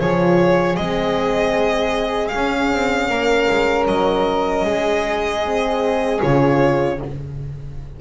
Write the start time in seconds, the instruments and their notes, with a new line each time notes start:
0.00 double bass F3, horn F4, flute G#4, violin C#5
0.76 double bass G#3, horn C4, violin D#5
2.28 horn C#4, violin F5
2.35 double bass C#4
2.73 double bass C4
3.09 double bass A#3, flute A#4
3.50 double bass G#3
3.87 double bass F#3, violin D#5
4.65 double bass G#3, flute G#4
5.45 horn C4
6.21 double bass C#3, horn F4, violin C#5